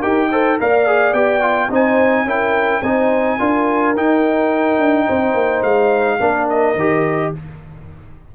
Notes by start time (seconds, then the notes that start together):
0.00 D#4 G4 A#4 G5
0.31 A4 C5
0.60 A#3 A#4 D5 F5
0.87 G#4
1.13 B3 G4 G5
1.41 F4
1.69 C4 D#4 C5 G#5
2.25 C#4 E4 A#4 G5
2.82 C4 D#4 C5 G#5
3.39 D4 F4 A#4
3.96 D#4 G5
4.79 D4
5.06 C4 C5
5.34 A#3
5.63 G#3 F5
6.20 A#3 D4 A#4
6.50 D#5
6.75 D#3 G4